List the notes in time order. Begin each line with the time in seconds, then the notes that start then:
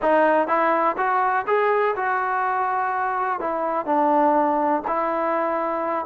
0.02 D#4
0.47 E4
0.97 F#4
1.46 G#4
1.96 F#4
3.39 E4
3.85 D4
4.87 E4